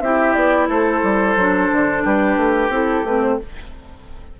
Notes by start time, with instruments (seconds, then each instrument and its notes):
0.00 bassoon C4, clarinet E4, oboe G4, flute E5
0.33 bassoon B3, flute D5
0.67 bassoon A3, oboe A4, flute C5
1.02 bassoon G3
1.36 bassoon F#3, clarinet D4
1.72 bassoon D3
2.04 bassoon G3, oboe G4, flute B4
2.36 bassoon A3
2.69 bassoon C4, clarinet E4, flute A4
3.04 bassoon A3, clarinet C4, flute B4
3.22 flute C5